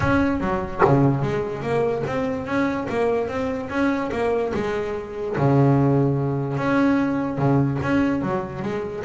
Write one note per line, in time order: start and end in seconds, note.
0.00 0.40 C#4
0.40 0.81 F#3
0.84 1.22 C#3
1.22 1.62 G#3
1.62 2.03 A#3
2.07 2.45 C4
2.45 2.87 C#4
2.89 3.27 A#3
3.27 3.69 C4
3.69 4.10 C#4
4.11 4.52 A#3
4.54 5.36 G#3
5.37 6.57 C#3
6.57 7.38 C#4
7.38 7.79 C#3
7.82 8.22 C#4
8.22 8.62 F#3
8.62 9.03 G#3